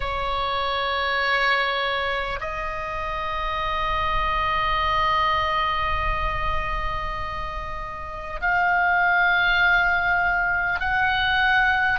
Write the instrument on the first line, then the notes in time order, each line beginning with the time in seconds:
oboe
0.00 C#5
2.40 D#5
8.41 F5
10.79 F#5